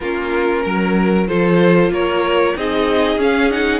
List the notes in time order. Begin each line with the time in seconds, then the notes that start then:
0.00 A#3 C#4 F4 A#4
0.63 F#3 A#4
1.27 F3 F4 A4 C5
1.90 A#3 A#4 C#5
2.56 C4 D#4 G#4 D#5
3.16 C#4 F5
3.50 D#4 F#5